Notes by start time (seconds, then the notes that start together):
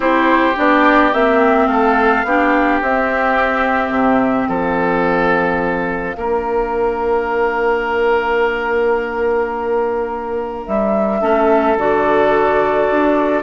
0.00 C4 E4 G4 C5
0.56 B3 D4 D5
1.13 A#3 C4 E5
1.67 A3 A4 F5
2.24 B3 D4 G4
2.81 C4 E5
3.90 C3
4.48 F3 A4 F5
6.16 A#3 D4 A#4
10.66 G3 E5
11.20 A3 C#4 A4
11.76 D3 F#4 D5
12.90 D4